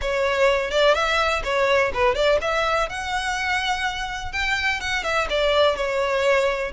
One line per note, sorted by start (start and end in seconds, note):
0.01 0.70 C#5
0.70 0.94 D5
0.94 1.42 E5
1.44 1.92 C#5
1.93 2.14 B4
2.14 2.38 D5
2.41 2.89 E5
2.89 4.32 F#5
4.32 4.80 G5
4.80 5.03 F#5
5.03 5.27 E5
5.29 5.76 D5
5.76 6.72 C#5